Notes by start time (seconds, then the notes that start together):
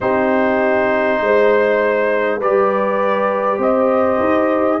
0.00 C4 D#4 G4 C5
1.20 G#3 C5
2.38 G3 G4 B4 D5
3.57 C4 C5 D#5
4.19 D#4